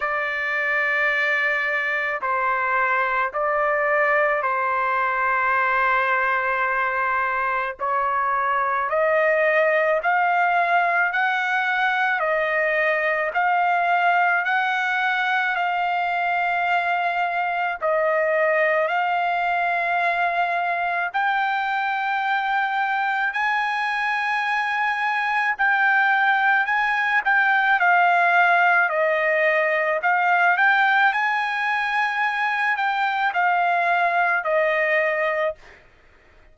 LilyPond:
\new Staff \with { instrumentName = "trumpet" } { \time 4/4 \tempo 4 = 54 d''2 c''4 d''4 | c''2. cis''4 | dis''4 f''4 fis''4 dis''4 | f''4 fis''4 f''2 |
dis''4 f''2 g''4~ | g''4 gis''2 g''4 | gis''8 g''8 f''4 dis''4 f''8 g''8 | gis''4. g''8 f''4 dis''4 | }